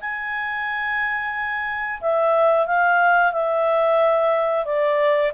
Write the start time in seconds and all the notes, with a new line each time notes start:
0.00 G#5
2.00 E5
2.66 F5
3.32 E5
4.65 D5